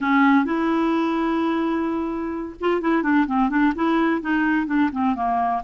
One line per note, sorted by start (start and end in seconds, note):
0.01 0.45 C#4
0.45 2.55 E4
2.60 2.81 F4
2.81 3.02 E4
3.02 3.26 D4
3.26 3.49 C4
3.49 3.73 D4
3.75 4.21 E4
4.21 4.66 D#4
4.66 4.89 D4
4.92 5.15 C4
5.15 5.62 A#3